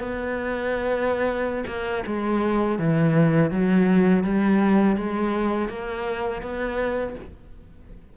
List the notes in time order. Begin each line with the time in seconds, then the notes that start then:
0.00 B3
1.67 A#3
2.07 G#3
2.79 E3
3.51 F#3
4.24 G3
4.97 G#3
5.69 A#3
6.42 B3